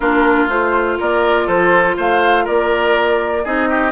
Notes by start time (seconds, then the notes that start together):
0.00 A#3 D4 F4 A#4
0.48 A3 F4 C5
0.99 A#3 A#4 D5
1.46 F3 A4 C5
1.96 A3 C5 F5
2.44 A#3 A#4 D5
3.44 C4 D#4 G#4 D#5
3.69 G4